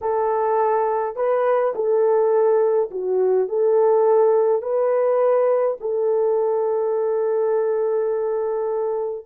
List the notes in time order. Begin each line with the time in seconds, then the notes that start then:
0.01 A4
1.16 B4
1.75 A4
2.90 F#4
3.48 A4
4.62 B4
5.80 A4